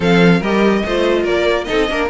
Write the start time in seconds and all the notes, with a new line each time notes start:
0.00 F3 C4 A4 F5
0.40 G3 G4 A#4 D#5
0.84 A3 F4 C5
1.22 A#3 A#4 D5
1.64 D#4 A4 D#5
1.71 C4
1.90 A#3 D4 A#4